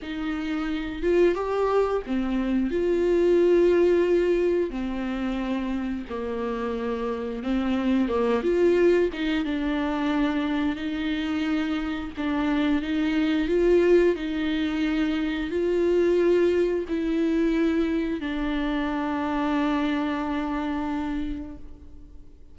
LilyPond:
\new Staff \with { instrumentName = "viola" } { \time 4/4 \tempo 4 = 89 dis'4. f'8 g'4 c'4 | f'2. c'4~ | c'4 ais2 c'4 | ais8 f'4 dis'8 d'2 |
dis'2 d'4 dis'4 | f'4 dis'2 f'4~ | f'4 e'2 d'4~ | d'1 | }